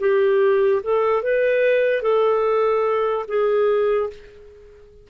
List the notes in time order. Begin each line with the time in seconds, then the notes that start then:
0.00 G4
0.83 A4
1.23 B4
2.02 A4
3.28 G#4